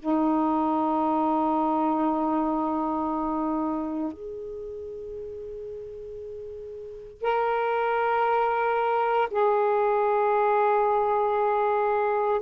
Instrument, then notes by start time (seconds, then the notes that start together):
saxophone
0.00 D#4
4.13 G#4
7.22 A#4
9.31 G#4